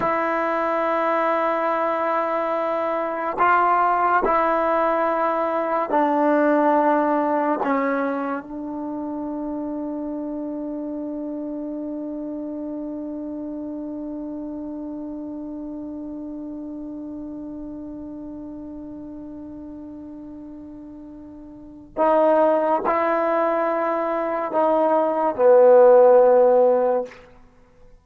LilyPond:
\new Staff \with { instrumentName = "trombone" } { \time 4/4 \tempo 4 = 71 e'1 | f'4 e'2 d'4~ | d'4 cis'4 d'2~ | d'1~ |
d'1~ | d'1~ | d'2 dis'4 e'4~ | e'4 dis'4 b2 | }